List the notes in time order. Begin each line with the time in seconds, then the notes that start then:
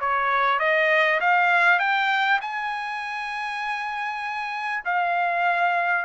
0.00 C#5
0.59 D#5
1.20 F5
1.79 G5
2.41 G#5
4.85 F5